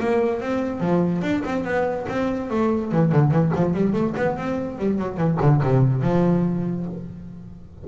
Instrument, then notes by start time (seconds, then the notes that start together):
double bass
0.00 A#3
0.41 C4
0.80 F3
1.22 D4
1.45 C4
1.65 B3
2.09 C4
2.51 A3
2.92 E3
3.12 D3
3.31 E3
3.55 F3
3.74 G3
3.93 A3
4.17 B3
4.37 C4
4.79 G3
4.99 F#3
5.17 E3
5.41 D3
5.63 C3
6.02 F3